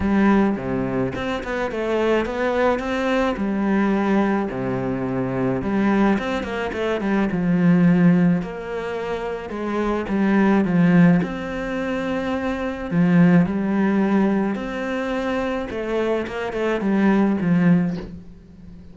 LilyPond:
\new Staff \with { instrumentName = "cello" } { \time 4/4 \tempo 4 = 107 g4 c4 c'8 b8 a4 | b4 c'4 g2 | c2 g4 c'8 ais8 | a8 g8 f2 ais4~ |
ais4 gis4 g4 f4 | c'2. f4 | g2 c'2 | a4 ais8 a8 g4 f4 | }